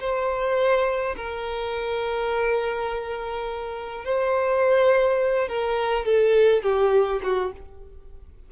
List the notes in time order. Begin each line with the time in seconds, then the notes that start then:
0.00 C5
1.16 A#4
4.05 C5
5.48 A#4
6.05 A4
6.63 G4
7.23 F#4